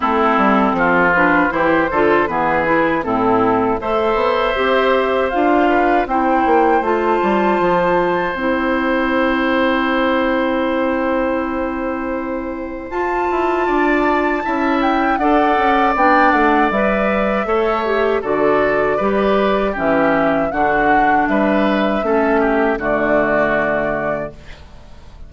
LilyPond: <<
  \new Staff \with { instrumentName = "flute" } { \time 4/4 \tempo 4 = 79 a'4. b'8 c''4 b'4 | a'4 e''2 f''4 | g''4 a''2 g''4~ | g''1~ |
g''4 a''2~ a''8 g''8 | fis''4 g''8 fis''8 e''2 | d''2 e''4 fis''4 | e''2 d''2 | }
  \new Staff \with { instrumentName = "oboe" } { \time 4/4 e'4 f'4 g'8 a'8 gis'4 | e'4 c''2~ c''8 b'8 | c''1~ | c''1~ |
c''2 d''4 e''4 | d''2. cis''4 | a'4 b'4 g'4 fis'4 | b'4 a'8 g'8 fis'2 | }
  \new Staff \with { instrumentName = "clarinet" } { \time 4/4 c'4. d'8 e'8 f'8 b8 e'8 | c'4 a'4 g'4 f'4 | e'4 f'2 e'4~ | e'1~ |
e'4 f'2 e'4 | a'4 d'4 b'4 a'8 g'8 | fis'4 g'4 cis'4 d'4~ | d'4 cis'4 a2 | }
  \new Staff \with { instrumentName = "bassoon" } { \time 4/4 a8 g8 f4 e8 d8 e4 | a,4 a8 b8 c'4 d'4 | c'8 ais8 a8 g8 f4 c'4~ | c'1~ |
c'4 f'8 e'8 d'4 cis'4 | d'8 cis'8 b8 a8 g4 a4 | d4 g4 e4 d4 | g4 a4 d2 | }
>>